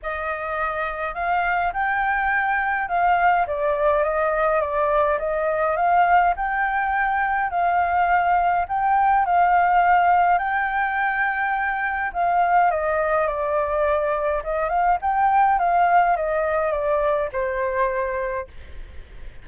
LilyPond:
\new Staff \with { instrumentName = "flute" } { \time 4/4 \tempo 4 = 104 dis''2 f''4 g''4~ | g''4 f''4 d''4 dis''4 | d''4 dis''4 f''4 g''4~ | g''4 f''2 g''4 |
f''2 g''2~ | g''4 f''4 dis''4 d''4~ | d''4 dis''8 f''8 g''4 f''4 | dis''4 d''4 c''2 | }